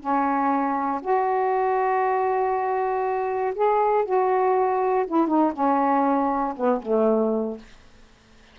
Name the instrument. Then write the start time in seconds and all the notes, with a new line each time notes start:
saxophone
0.00 C#4
1.02 F#4
3.55 G#4
4.05 F#4
5.07 E4
5.27 D#4
5.53 C#4
6.56 B3
6.82 A3